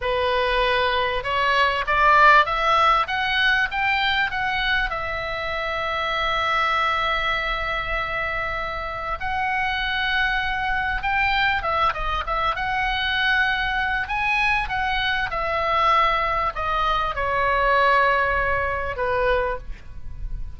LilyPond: \new Staff \with { instrumentName = "oboe" } { \time 4/4 \tempo 4 = 98 b'2 cis''4 d''4 | e''4 fis''4 g''4 fis''4 | e''1~ | e''2. fis''4~ |
fis''2 g''4 e''8 dis''8 | e''8 fis''2~ fis''8 gis''4 | fis''4 e''2 dis''4 | cis''2. b'4 | }